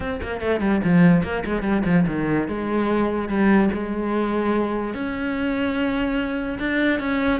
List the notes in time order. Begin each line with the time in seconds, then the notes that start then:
0.00 C4
0.21 A#3
0.40 A3
0.60 G3
0.84 F3
1.23 A#3
1.45 G#3
1.62 G3
1.85 F3
2.06 D#3
2.48 G#3
3.28 G3
3.73 G#3
4.94 C#4
6.59 D4
6.99 C#4